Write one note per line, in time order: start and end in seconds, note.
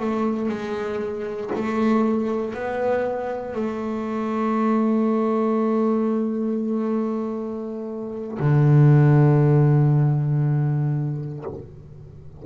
0.00 0.49 A3
0.49 1.51 G#3
1.56 2.55 A3
2.55 3.55 B3
3.55 8.38 A3
8.40 11.45 D3